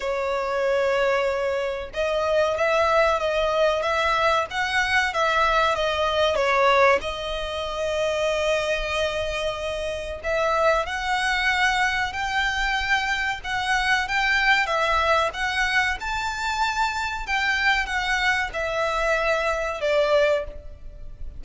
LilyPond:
\new Staff \with { instrumentName = "violin" } { \time 4/4 \tempo 4 = 94 cis''2. dis''4 | e''4 dis''4 e''4 fis''4 | e''4 dis''4 cis''4 dis''4~ | dis''1 |
e''4 fis''2 g''4~ | g''4 fis''4 g''4 e''4 | fis''4 a''2 g''4 | fis''4 e''2 d''4 | }